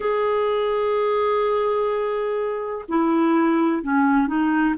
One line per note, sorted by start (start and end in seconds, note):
0.00 2.85 G#4
2.88 3.82 E4
3.82 4.27 C#4
4.27 4.74 D#4